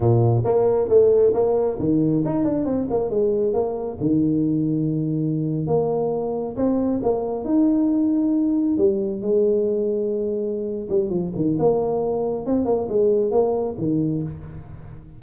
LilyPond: \new Staff \with { instrumentName = "tuba" } { \time 4/4 \tempo 4 = 135 ais,4 ais4 a4 ais4 | dis4 dis'8 d'8 c'8 ais8 gis4 | ais4 dis2.~ | dis8. ais2 c'4 ais16~ |
ais8. dis'2. g16~ | g8. gis2.~ gis16~ | gis8 g8 f8 dis8 ais2 | c'8 ais8 gis4 ais4 dis4 | }